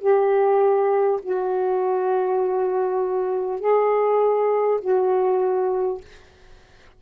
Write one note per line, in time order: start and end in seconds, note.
0.00 1.20 G4
1.23 3.60 F#4
3.60 4.80 G#4
4.81 6.01 F#4